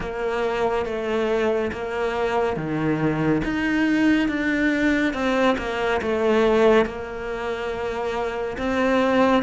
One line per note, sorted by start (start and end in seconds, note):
0.00 0.85 A#3
0.85 1.71 A3
1.72 2.56 A#3
2.56 3.42 D#3
3.44 4.28 D#4
4.28 5.13 D4
5.13 5.56 C4
5.58 6.00 A#3
6.01 6.85 A3
6.85 8.57 A#3
8.57 9.42 C4